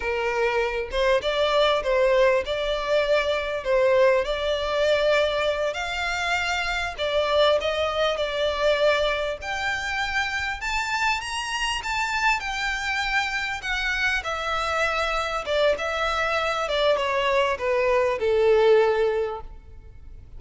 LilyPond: \new Staff \with { instrumentName = "violin" } { \time 4/4 \tempo 4 = 99 ais'4. c''8 d''4 c''4 | d''2 c''4 d''4~ | d''4. f''2 d''8~ | d''8 dis''4 d''2 g''8~ |
g''4. a''4 ais''4 a''8~ | a''8 g''2 fis''4 e''8~ | e''4. d''8 e''4. d''8 | cis''4 b'4 a'2 | }